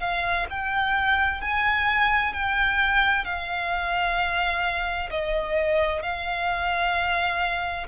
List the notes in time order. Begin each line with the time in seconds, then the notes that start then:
0.00 F5
0.50 G5
1.41 G#5
2.33 G5
3.25 F5
5.10 D#5
6.02 F5